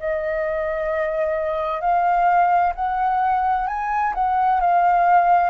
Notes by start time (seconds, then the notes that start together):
0.00 D#5
1.81 F5
2.75 F#5
3.68 G#5
4.15 F#5
4.60 F5